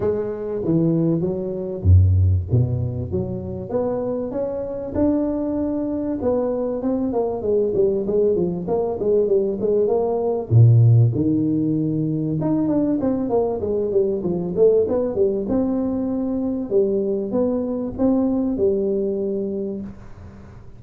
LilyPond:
\new Staff \with { instrumentName = "tuba" } { \time 4/4 \tempo 4 = 97 gis4 e4 fis4 fis,4 | b,4 fis4 b4 cis'4 | d'2 b4 c'8 ais8 | gis8 g8 gis8 f8 ais8 gis8 g8 gis8 |
ais4 ais,4 dis2 | dis'8 d'8 c'8 ais8 gis8 g8 f8 a8 | b8 g8 c'2 g4 | b4 c'4 g2 | }